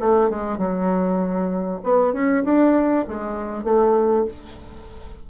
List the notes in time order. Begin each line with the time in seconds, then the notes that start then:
0.00 A3
0.30 G#3
0.58 F#3
1.84 B3
2.13 C#4
2.44 D4
3.08 G#3
3.64 A3